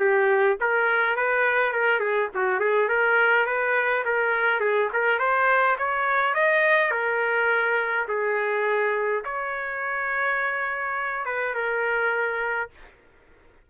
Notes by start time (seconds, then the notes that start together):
0.00 G4
0.61 A#4
1.17 B4
1.73 A#4
2.00 G#4
2.35 F#4
2.60 G#4
2.89 A#4
3.47 B4
4.05 A#4
4.61 G#4
4.93 A#4
5.19 C5
5.79 C#5
6.35 D#5
6.91 A#4
8.09 G#4
9.25 C#5
11.26 B4
11.55 A#4